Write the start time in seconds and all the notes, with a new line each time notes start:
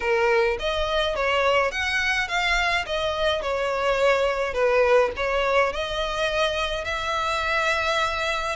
0.00 A#4
0.59 D#5
1.15 C#5
1.71 F#5
2.28 F5
2.86 D#5
3.41 C#5
4.53 B4
5.16 C#5
5.72 D#5
6.84 E5